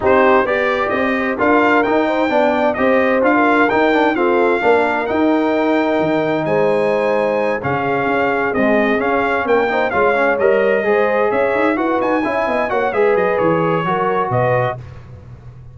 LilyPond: <<
  \new Staff \with { instrumentName = "trumpet" } { \time 4/4 \tempo 4 = 130 c''4 d''4 dis''4 f''4 | g''2 dis''4 f''4 | g''4 f''2 g''4~ | g''2 gis''2~ |
gis''8 f''2 dis''4 f''8~ | f''8 g''4 f''4 dis''4.~ | dis''8 e''4 fis''8 gis''4. fis''8 | e''8 dis''8 cis''2 dis''4 | }
  \new Staff \with { instrumentName = "horn" } { \time 4/4 g'4 d''4. c''8 ais'4~ | ais'8 c''8 d''4 c''4~ c''16 ais'8.~ | ais'4 a'4 ais'2~ | ais'2 c''2~ |
c''8 gis'2.~ gis'8~ | gis'8 ais'8 c''8 cis''2 c''8~ | c''8 cis''4 b'4 e''8 dis''8 cis''8 | b'2 ais'4 b'4 | }
  \new Staff \with { instrumentName = "trombone" } { \time 4/4 dis'4 g'2 f'4 | dis'4 d'4 g'4 f'4 | dis'8 d'8 c'4 d'4 dis'4~ | dis'1~ |
dis'8 cis'2 gis4 cis'8~ | cis'4 dis'8 f'8 cis'8 ais'4 gis'8~ | gis'4. fis'4 e'4 fis'8 | gis'2 fis'2 | }
  \new Staff \with { instrumentName = "tuba" } { \time 4/4 c'4 b4 c'4 d'4 | dis'4 b4 c'4 d'4 | dis'4 f'4 ais4 dis'4~ | dis'4 dis4 gis2~ |
gis8 cis4 cis'4 c'4 cis'8~ | cis'8 ais4 gis4 g4 gis8~ | gis8 cis'8 dis'8 e'8 dis'8 cis'8 b8 ais8 | gis8 fis8 e4 fis4 b,4 | }
>>